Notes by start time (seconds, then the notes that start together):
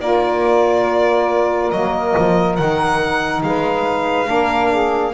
0.00 A#3 F4 A#4 D5
1.71 F#3 A#3 D#5
2.18 F3
2.57 D#3 D#4 F#5
3.43 G#3 B4 F5
4.25 A#3 D4 A#4
4.70 G#4